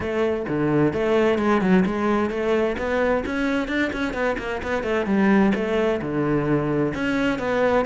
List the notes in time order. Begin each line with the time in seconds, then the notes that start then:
0.00 A3
0.48 D3
0.93 A3
1.38 G#3
1.61 F#3
1.85 G#3
2.30 A3
2.78 B3
3.25 C#4
3.68 D4
3.92 C#4
4.13 B3
4.38 A#3
4.62 B3
4.83 A3
5.06 G3
5.54 A3
6.01 D3
6.94 C#4
7.38 B3